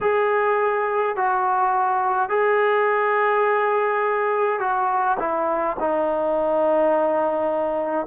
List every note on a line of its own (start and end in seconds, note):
0.00 1.15 G#4
1.15 2.29 F#4
2.29 4.59 G#4
4.59 5.17 F#4
5.19 5.76 E4
5.79 8.06 D#4